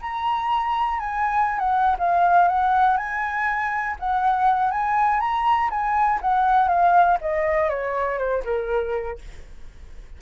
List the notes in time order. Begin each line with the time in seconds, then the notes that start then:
0.00 A#5
0.99 G#5
1.59 F#5
1.98 F5
2.48 F#5
2.97 G#5
3.99 F#5
4.71 G#5
5.20 A#5
5.70 G#5
6.21 F#5
6.68 F5
7.21 D#5
7.69 C#5
8.18 C5
8.44 A#4